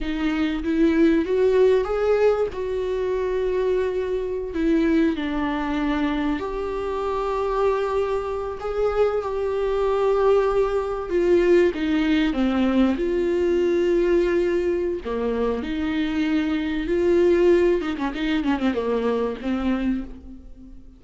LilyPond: \new Staff \with { instrumentName = "viola" } { \time 4/4 \tempo 4 = 96 dis'4 e'4 fis'4 gis'4 | fis'2.~ fis'16 e'8.~ | e'16 d'2 g'4.~ g'16~ | g'4.~ g'16 gis'4 g'4~ g'16~ |
g'4.~ g'16 f'4 dis'4 c'16~ | c'8. f'2.~ f'16 | ais4 dis'2 f'4~ | f'8 dis'16 cis'16 dis'8 cis'16 c'16 ais4 c'4 | }